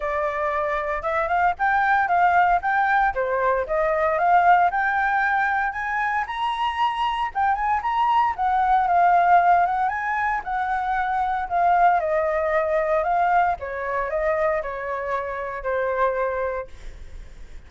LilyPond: \new Staff \with { instrumentName = "flute" } { \time 4/4 \tempo 4 = 115 d''2 e''8 f''8 g''4 | f''4 g''4 c''4 dis''4 | f''4 g''2 gis''4 | ais''2 g''8 gis''8 ais''4 |
fis''4 f''4. fis''8 gis''4 | fis''2 f''4 dis''4~ | dis''4 f''4 cis''4 dis''4 | cis''2 c''2 | }